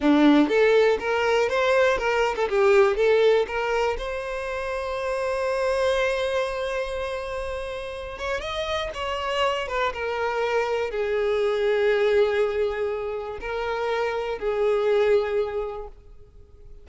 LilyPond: \new Staff \with { instrumentName = "violin" } { \time 4/4 \tempo 4 = 121 d'4 a'4 ais'4 c''4 | ais'8. a'16 g'4 a'4 ais'4 | c''1~ | c''1~ |
c''8 cis''8 dis''4 cis''4. b'8 | ais'2 gis'2~ | gis'2. ais'4~ | ais'4 gis'2. | }